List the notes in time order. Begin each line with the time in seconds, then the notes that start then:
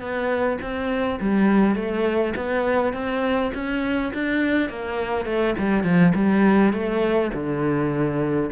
0.00 B3
0.61 C4
1.20 G3
1.75 A3
2.36 B3
2.93 C4
3.54 C#4
4.14 D4
4.69 A#3
5.25 A3
5.58 G3
5.83 F3
6.15 G3
6.73 A3
7.33 D3